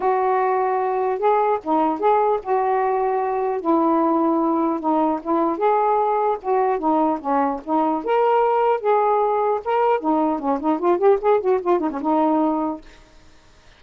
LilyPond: \new Staff \with { instrumentName = "saxophone" } { \time 4/4 \tempo 4 = 150 fis'2. gis'4 | dis'4 gis'4 fis'2~ | fis'4 e'2. | dis'4 e'4 gis'2 |
fis'4 dis'4 cis'4 dis'4 | ais'2 gis'2 | ais'4 dis'4 cis'8 dis'8 f'8 g'8 | gis'8 fis'8 f'8 dis'16 cis'16 dis'2 | }